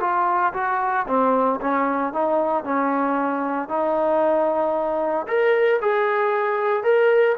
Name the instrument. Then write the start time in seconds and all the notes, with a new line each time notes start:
trombone
0.00 F4
0.53 F#4
1.07 C4
1.60 C#4
2.13 D#4
2.64 C#4
3.68 D#4
5.27 A#4
5.81 G#4
6.83 A#4